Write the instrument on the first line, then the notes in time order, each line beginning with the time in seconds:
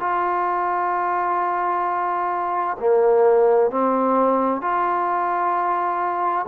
trombone
0.00 F4
2.79 A#3
3.70 C4
4.62 F4